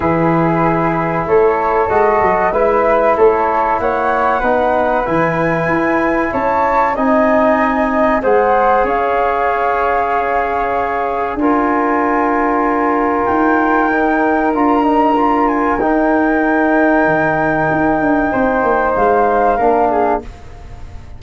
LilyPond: <<
  \new Staff \with { instrumentName = "flute" } { \time 4/4 \tempo 4 = 95 b'2 cis''4 dis''4 | e''4 cis''4 fis''2 | gis''2 a''4 gis''4~ | gis''4 fis''4 f''2~ |
f''2 gis''2~ | gis''4 g''2 ais''4~ | ais''8 gis''8 g''2.~ | g''2 f''2 | }
  \new Staff \with { instrumentName = "flute" } { \time 4/4 gis'2 a'2 | b'4 a'4 cis''4 b'4~ | b'2 cis''4 dis''4~ | dis''4 c''4 cis''2~ |
cis''2 ais'2~ | ais'1~ | ais'1~ | ais'4 c''2 ais'8 gis'8 | }
  \new Staff \with { instrumentName = "trombone" } { \time 4/4 e'2. fis'4 | e'2. dis'4 | e'2. dis'4~ | dis'4 gis'2.~ |
gis'2 f'2~ | f'2 dis'4 f'8 dis'8 | f'4 dis'2.~ | dis'2. d'4 | }
  \new Staff \with { instrumentName = "tuba" } { \time 4/4 e2 a4 gis8 fis8 | gis4 a4 ais4 b4 | e4 e'4 cis'4 c'4~ | c'4 gis4 cis'2~ |
cis'2 d'2~ | d'4 dis'2 d'4~ | d'4 dis'2 dis4 | dis'8 d'8 c'8 ais8 gis4 ais4 | }
>>